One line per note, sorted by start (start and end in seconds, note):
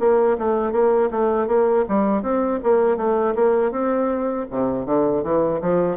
0.00 0.38 A#3
0.38 0.72 A3
0.72 1.10 A#3
1.11 1.48 A3
1.48 1.85 A#3
1.89 2.23 G3
2.23 2.60 C4
2.64 2.97 A#3
2.97 3.35 A3
3.36 3.72 A#3
3.72 4.47 C4
4.51 4.86 C3
4.86 5.23 D3
5.24 5.61 E3
5.62 5.98 F3